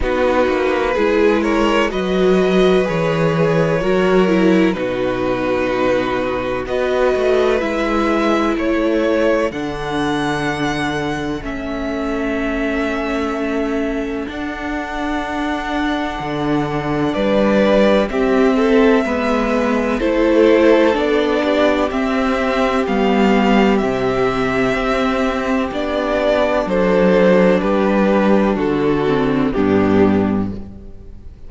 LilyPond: <<
  \new Staff \with { instrumentName = "violin" } { \time 4/4 \tempo 4 = 63 b'4. cis''8 dis''4 cis''4~ | cis''4 b'2 dis''4 | e''4 cis''4 fis''2 | e''2. fis''4~ |
fis''2 d''4 e''4~ | e''4 c''4 d''4 e''4 | f''4 e''2 d''4 | c''4 b'4 a'4 g'4 | }
  \new Staff \with { instrumentName = "violin" } { \time 4/4 fis'4 gis'8 ais'8 b'2 | ais'4 fis'2 b'4~ | b'4 a'2.~ | a'1~ |
a'2 b'4 g'8 a'8 | b'4 a'4. g'4.~ | g'1 | a'4 g'4 fis'4 d'4 | }
  \new Staff \with { instrumentName = "viola" } { \time 4/4 dis'4 e'4 fis'4 gis'4 | fis'8 e'8 dis'2 fis'4 | e'2 d'2 | cis'2. d'4~ |
d'2. c'4 | b4 e'4 d'4 c'4 | b4 c'2 d'4~ | d'2~ d'8 c'8 b4 | }
  \new Staff \with { instrumentName = "cello" } { \time 4/4 b8 ais8 gis4 fis4 e4 | fis4 b,2 b8 a8 | gis4 a4 d2 | a2. d'4~ |
d'4 d4 g4 c'4 | gis4 a4 b4 c'4 | g4 c4 c'4 b4 | fis4 g4 d4 g,4 | }
>>